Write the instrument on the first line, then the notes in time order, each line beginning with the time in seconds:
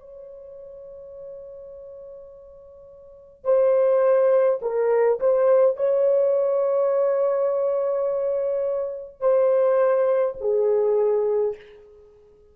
horn
0.00 C#5
3.45 C5
4.62 A#4
5.20 C5
5.77 C#5
9.20 C5
10.41 G#4